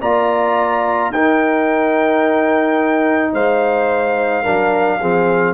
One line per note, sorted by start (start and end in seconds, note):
0.00 1.09 A#3
0.00 1.13 F4
0.00 1.12 D5
0.00 1.12 A#5
1.09 3.32 D#4
1.09 4.44 D#4
1.09 3.32 A#4
1.09 3.34 G5
3.32 4.44 G#3
3.32 4.43 C5
3.32 5.53 F5
4.43 5.01 F#3
4.43 4.99 D4
4.43 4.99 A#4
4.99 5.53 F3
4.99 5.53 C4
4.99 5.53 G#4